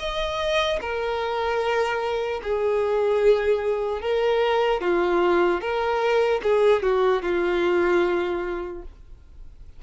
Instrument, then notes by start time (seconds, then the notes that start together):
violin
0.00 D#5
0.81 A#4
2.44 G#4
4.02 A#4
4.81 F4
5.61 A#4
6.43 G#4
6.83 F#4
7.23 F4